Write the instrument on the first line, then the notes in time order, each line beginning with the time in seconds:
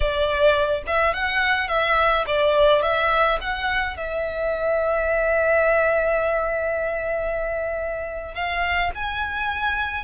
violin
0.00 D5
0.86 E5
1.13 F#5
1.68 E5
2.26 D5
2.81 E5
3.40 F#5
3.96 E5
8.34 F5
8.94 G#5